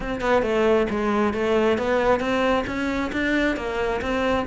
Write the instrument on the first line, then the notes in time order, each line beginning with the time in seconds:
cello
0.00 C4
0.20 B3
0.42 A3
0.90 G#3
1.33 A3
1.78 B3
2.20 C4
2.66 C#4
3.12 D4
3.56 A#3
4.01 C4